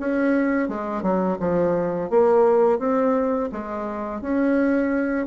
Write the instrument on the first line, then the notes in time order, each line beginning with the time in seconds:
bassoon
0.00 C#4
0.69 G#3
1.03 F#3
1.40 F3
2.10 A#3
2.79 C4
3.52 G#3
4.22 C#4